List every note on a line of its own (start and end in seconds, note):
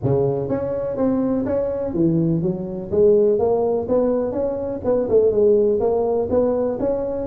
0.03 0.48 C#3
0.48 0.97 C#4
0.97 1.45 C4
1.45 1.93 C#4
1.93 2.41 E3
2.41 2.90 F#3
2.91 3.38 G#3
3.38 3.87 A#3
3.88 4.32 B3
4.32 4.80 C#4
4.84 5.08 B3
5.09 5.31 A3
5.31 5.79 G#3
5.80 6.28 A#3
6.29 6.78 B3
6.79 7.27 C#4